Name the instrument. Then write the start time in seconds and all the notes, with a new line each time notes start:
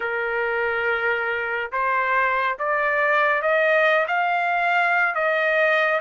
trumpet
0.00 A#4
1.71 C5
2.58 D5
3.42 D#5
4.07 F5
5.14 D#5